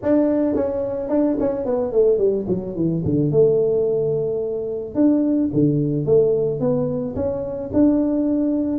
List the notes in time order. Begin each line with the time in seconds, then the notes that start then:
0.02 D4
0.55 C#4
1.09 D4
1.40 C#4
1.65 B3
1.92 A3
2.17 G3
2.48 F#3
2.75 E3
3.05 D3
3.31 A3
4.94 D4
5.53 D3
6.05 A3
6.60 B3
7.15 C#4
7.73 D4